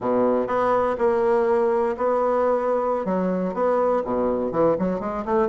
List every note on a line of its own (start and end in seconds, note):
0.00 0.47 B2
0.47 0.96 B3
0.98 1.96 A#3
1.97 3.05 B3
3.05 3.54 F#3
3.54 4.02 B3
4.04 4.51 B2
4.51 4.76 E3
4.78 5.00 F#3
5.00 5.24 G#3
5.25 5.48 A3